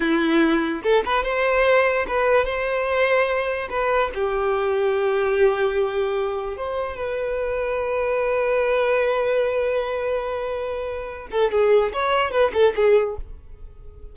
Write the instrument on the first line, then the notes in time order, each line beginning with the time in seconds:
violin
0.00 E4
0.83 A4
1.05 B4
1.23 C5
2.07 B4
2.45 C5
3.69 B4
4.14 G4
6.57 C5
6.96 B4
11.31 A4
11.51 G#4
11.93 C#5
12.31 B4
12.53 A4
12.75 G#4